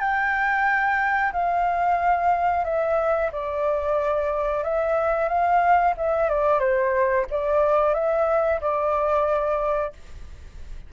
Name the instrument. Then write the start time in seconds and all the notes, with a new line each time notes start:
flute
0.00 G5
1.32 F5
2.64 E5
3.32 D5
4.63 E5
5.28 F5
5.97 E5
6.29 D5
6.60 C5
7.30 D5
7.94 E5
8.61 D5